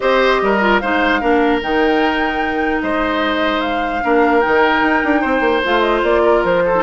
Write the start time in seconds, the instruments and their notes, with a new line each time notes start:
0.00 bassoon C4, clarinet G4, oboe C5, flute D#5
0.41 bassoon G3, oboe A#4
0.60 clarinet F4
0.79 bassoon G#3, clarinet D#4, oboe C5, flute F5
1.21 bassoon A#3, clarinet D4, oboe A#4
1.61 bassoon D#3, clarinet D#4, flute G5
2.82 bassoon G#3, oboe C5, flute D#5
3.61 flute F5
4.02 bassoon A#3, clarinet D4, oboe A#4
4.40 clarinet D#4, flute G5
4.47 bassoon D#3
4.81 bassoon D#4
5.04 bassoon D4
5.21 bassoon C4, oboe C5
5.40 bassoon A#3
5.64 bassoon A3, clarinet F4, flute F5
5.80 flute D#5
6.02 bassoon A#3, flute D5
6.23 oboe A#4
6.44 bassoon F3, flute C5
6.65 oboe A4
6.75 clarinet D#4